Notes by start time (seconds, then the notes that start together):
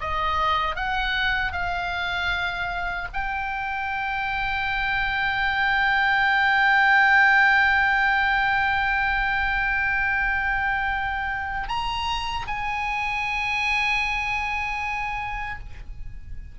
0.00 D#5
0.75 F#5
1.52 F5
3.13 G5
11.68 A#5
12.47 G#5